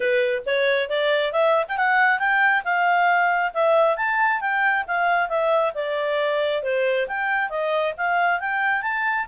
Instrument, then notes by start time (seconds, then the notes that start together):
clarinet
0.00 B4
0.46 C#5
0.89 D5
1.32 E5
1.68 G5
1.77 F#5
2.19 G5
2.64 F5
3.53 E5
3.96 A5
4.40 G5
4.87 F5
5.28 E5
5.74 D5
6.63 C5
7.07 G5
7.49 D#5
7.97 F5
8.40 G5
8.82 A5